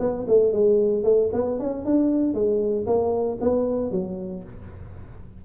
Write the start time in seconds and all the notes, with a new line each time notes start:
0.00 B3
0.28 A3
0.53 G#3
1.04 A3
1.34 B3
1.60 C#4
1.86 D4
2.34 G#3
2.87 A#3
3.41 B3
3.92 F#3